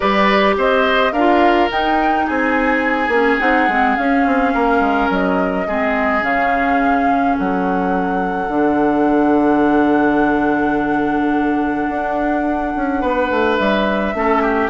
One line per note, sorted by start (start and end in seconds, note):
0.00 0.56 G3
0.00 1.13 G4
0.00 0.55 B4
0.00 0.55 D5
0.56 1.12 C4
0.56 1.12 C5
0.56 1.12 D#5
1.12 1.69 D4
1.12 2.25 A#4
1.12 1.69 F5
1.18 1.70 F4
1.70 3.11 D#4
1.70 2.27 D#4
1.70 2.26 G5
2.26 3.08 C4
2.26 4.53 G#4
2.26 3.40 G#5
3.08 3.36 A#3
3.08 3.39 C#4
3.39 3.68 C4
3.39 3.67 D#4
3.39 3.95 F#5
3.68 3.96 G#3
3.68 3.96 C4
3.95 5.66 C#4
3.95 4.25 C#4
3.95 5.09 F5
4.25 4.54 C4
4.54 4.79 A#3
4.54 5.67 A#4
4.79 5.08 G#3
5.09 5.66 F#3
5.09 6.23 D#5
5.67 6.23 G#3
5.67 6.21 C4
5.67 7.35 G#4
6.21 7.36 C#3
6.21 8.47 C#4
6.21 7.37 F5
7.35 8.48 F#3
7.35 13.00 A4
7.35 13.57 F#5
8.48 11.87 D3
8.48 14.14 D4
11.89 12.74 D4
12.76 13.02 C#4
13.00 13.30 B3
13.00 14.13 B4
13.30 13.58 A3
13.57 14.14 G3
13.57 14.69 E5
14.14 14.69 A3
14.14 14.69 C#4
14.14 14.42 A4
14.42 14.69 G4